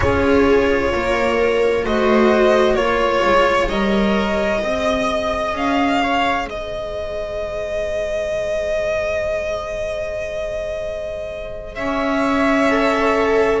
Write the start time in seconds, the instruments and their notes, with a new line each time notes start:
0.00 double bass C#4, cello F4, viola G#4, violin C#5
0.93 double bass A#3, viola A#4
1.84 double bass A3, cello F#4, viola C5, violin D#5
2.73 double bass A#3, cello F4, viola C#5, violin C#5
3.24 double bass G#3
3.68 double bass G3, cello A#4, violin D#5
4.61 double bass C4, cello G#4, viola D#5
5.52 double bass C#4, violin F5
6.03 viola C#5
6.45 double bass G#3, viola C5, violin D#5
11.74 double bass C#4, viola C#5, violin E5
12.70 cello A4